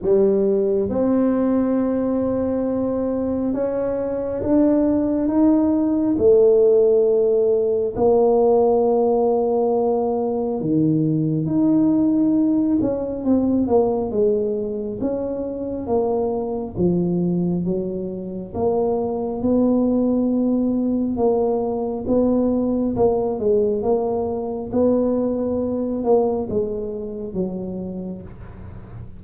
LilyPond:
\new Staff \with { instrumentName = "tuba" } { \time 4/4 \tempo 4 = 68 g4 c'2. | cis'4 d'4 dis'4 a4~ | a4 ais2. | dis4 dis'4. cis'8 c'8 ais8 |
gis4 cis'4 ais4 f4 | fis4 ais4 b2 | ais4 b4 ais8 gis8 ais4 | b4. ais8 gis4 fis4 | }